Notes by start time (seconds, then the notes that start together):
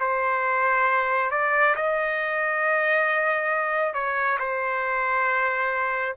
0.00 C5
1.31 D5
1.75 D#5
3.94 C#5
4.39 C5